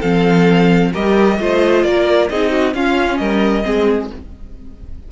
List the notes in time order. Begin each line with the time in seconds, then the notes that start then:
0.00 F3 C4 A4 F5
0.93 G3 G4 A#4 D#5
1.39 A3 F4 C5
1.83 A#3 A#4 D5
2.29 C4 D#4 G#4 D#5
2.51 F#4
2.74 C#4 F4 F5
3.17 G3 A#4 D#5
3.63 G#3 C4 G#4